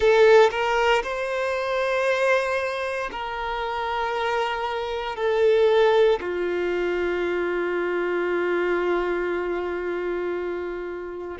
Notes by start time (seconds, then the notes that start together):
0.00 A4
0.50 A#4
1.03 C5
3.11 A#4
5.16 A4
6.20 F4